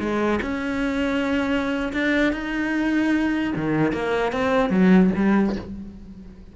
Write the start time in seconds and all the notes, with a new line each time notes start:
0.00 G#3
0.42 C#4
1.93 D4
2.33 D#4
3.56 D#3
3.93 A#3
4.32 C4
4.70 F#3
5.16 G3